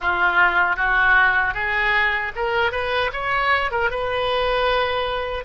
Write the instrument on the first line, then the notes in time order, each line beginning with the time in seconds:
oboe
0.00 F4
0.76 F#4
1.54 G#4
2.35 A#4
2.71 B4
3.12 C#5
3.70 A#4
3.90 B4